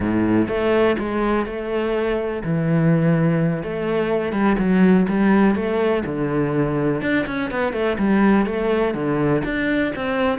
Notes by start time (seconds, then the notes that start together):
0.00 A2
0.48 A3
0.99 G#3
1.46 A3
2.43 E3
3.63 A3
4.32 G3
4.58 F#3
5.08 G3
5.55 A3
6.05 D3
7.01 D4
7.26 C#4
7.50 B3
7.73 A3
7.98 G3
8.45 A3
8.94 D3
9.44 D4
9.95 C4